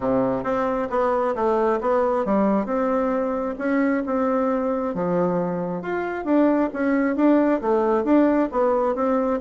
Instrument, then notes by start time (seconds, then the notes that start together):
bassoon
0.00 C3
0.43 C4
0.90 B3
1.35 A3
1.81 B3
2.25 G3
2.65 C4
3.58 C#4
4.06 C4
4.94 F3
5.81 F4
6.24 D4
6.73 C#4
7.16 D4
7.61 A3
8.04 D4
8.51 B3
8.95 C4